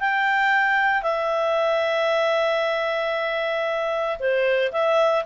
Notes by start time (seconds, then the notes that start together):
0.00 G5
1.03 E5
4.20 C5
4.72 E5